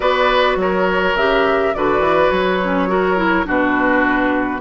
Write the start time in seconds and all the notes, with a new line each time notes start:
0.00 B3 F#4 B4 D5
0.55 F#3 A#4 C#5
1.14 C#3 G4 E5
1.74 D3 F#4 B4 D5
1.99 E3
2.31 F#3 C#5
2.62 C#4
2.87 F#4 A#4
3.16 E4
3.45 B2 D4 F#4 B4